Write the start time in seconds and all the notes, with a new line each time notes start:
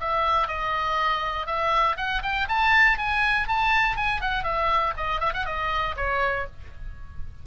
0.00 E5
0.47 D#5
1.46 E5
1.97 F#5
2.23 G5
2.49 A5
2.98 G#5
3.48 A5
3.96 G#5
4.21 F#5
4.44 E5
4.97 D#5
5.20 E5
5.34 F#5
5.45 D#5
5.96 C#5